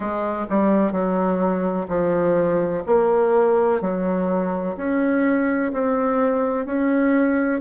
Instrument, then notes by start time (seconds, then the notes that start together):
bassoon
0.00 G#3
0.49 G3
0.92 F#3
1.88 F3
2.86 A#3
3.81 F#3
4.76 C#4
5.72 C4
6.65 C#4